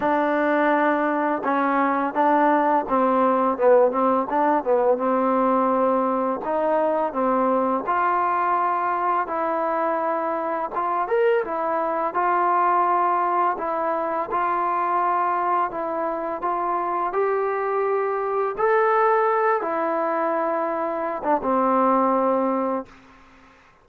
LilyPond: \new Staff \with { instrumentName = "trombone" } { \time 4/4 \tempo 4 = 84 d'2 cis'4 d'4 | c'4 b8 c'8 d'8 b8 c'4~ | c'4 dis'4 c'4 f'4~ | f'4 e'2 f'8 ais'8 |
e'4 f'2 e'4 | f'2 e'4 f'4 | g'2 a'4. e'8~ | e'4.~ e'16 d'16 c'2 | }